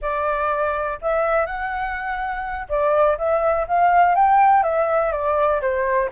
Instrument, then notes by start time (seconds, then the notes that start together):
flute
0.01 D5
1.01 E5
1.45 F#5
2.69 D5
3.18 E5
3.67 F5
4.15 G5
4.63 E5
5.12 D5
5.61 C5